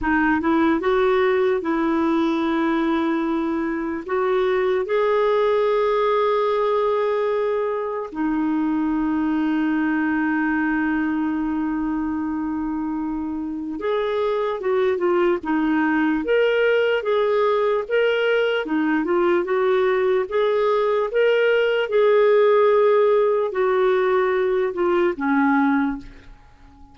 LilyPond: \new Staff \with { instrumentName = "clarinet" } { \time 4/4 \tempo 4 = 74 dis'8 e'8 fis'4 e'2~ | e'4 fis'4 gis'2~ | gis'2 dis'2~ | dis'1~ |
dis'4 gis'4 fis'8 f'8 dis'4 | ais'4 gis'4 ais'4 dis'8 f'8 | fis'4 gis'4 ais'4 gis'4~ | gis'4 fis'4. f'8 cis'4 | }